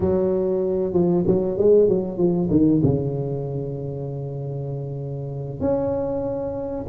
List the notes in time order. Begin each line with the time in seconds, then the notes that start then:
0.00 F#3
0.93 F3
1.26 F#3
1.58 G#3
1.88 F#3
2.17 F3
2.50 D#3
2.83 C#3
5.60 C#4